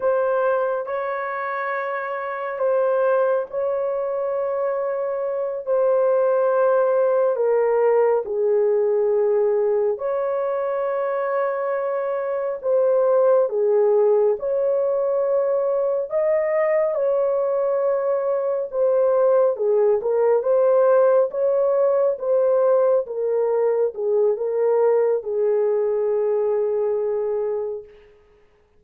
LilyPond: \new Staff \with { instrumentName = "horn" } { \time 4/4 \tempo 4 = 69 c''4 cis''2 c''4 | cis''2~ cis''8 c''4.~ | c''8 ais'4 gis'2 cis''8~ | cis''2~ cis''8 c''4 gis'8~ |
gis'8 cis''2 dis''4 cis''8~ | cis''4. c''4 gis'8 ais'8 c''8~ | c''8 cis''4 c''4 ais'4 gis'8 | ais'4 gis'2. | }